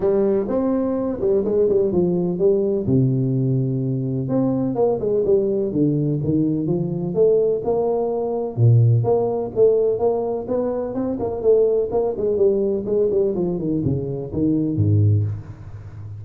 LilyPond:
\new Staff \with { instrumentName = "tuba" } { \time 4/4 \tempo 4 = 126 g4 c'4. g8 gis8 g8 | f4 g4 c2~ | c4 c'4 ais8 gis8 g4 | d4 dis4 f4 a4 |
ais2 ais,4 ais4 | a4 ais4 b4 c'8 ais8 | a4 ais8 gis8 g4 gis8 g8 | f8 dis8 cis4 dis4 gis,4 | }